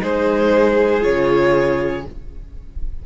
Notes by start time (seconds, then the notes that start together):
0.00 G#3 D#4 G#4 C5
1.01 C#3 F4 C#5